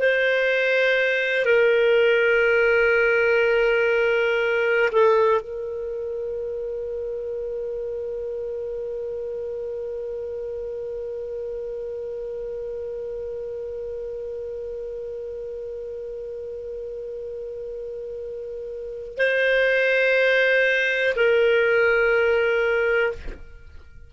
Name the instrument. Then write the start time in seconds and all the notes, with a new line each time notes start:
clarinet
0.00 C5
1.46 A#4
4.93 A4
5.41 A#4
19.18 C5
21.16 A#4